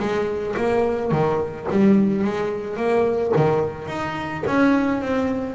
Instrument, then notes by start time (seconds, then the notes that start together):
double bass
0.00 G#3
0.57 A#3
1.12 D#3
1.71 G3
2.24 G#3
2.77 A#3
3.37 D#3
3.88 D#4
4.47 C#4
5.02 C4